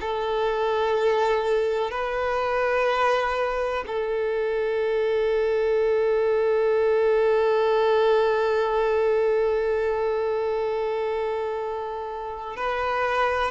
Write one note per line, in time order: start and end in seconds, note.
0.00 1.90 A4
1.90 3.84 B4
3.86 12.56 A4
12.56 13.51 B4